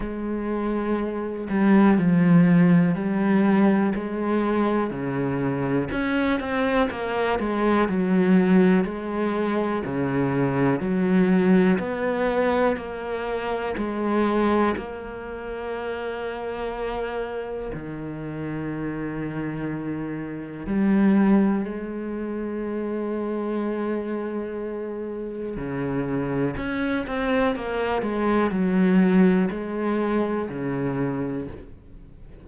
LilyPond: \new Staff \with { instrumentName = "cello" } { \time 4/4 \tempo 4 = 61 gis4. g8 f4 g4 | gis4 cis4 cis'8 c'8 ais8 gis8 | fis4 gis4 cis4 fis4 | b4 ais4 gis4 ais4~ |
ais2 dis2~ | dis4 g4 gis2~ | gis2 cis4 cis'8 c'8 | ais8 gis8 fis4 gis4 cis4 | }